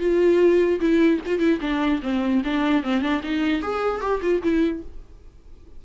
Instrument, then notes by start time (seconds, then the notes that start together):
viola
0.00 F4
0.80 E4
1.26 F4
1.40 E4
1.61 D4
2.03 C4
2.45 D4
2.83 C4
3.02 D4
3.24 D#4
3.62 G#4
4.01 G4
4.22 F4
4.43 E4